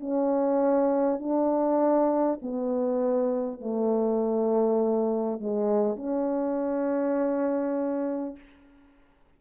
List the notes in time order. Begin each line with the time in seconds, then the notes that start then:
0.00 C#4
1.19 D4
2.42 B3
3.60 A3
5.40 G#3
5.96 C#4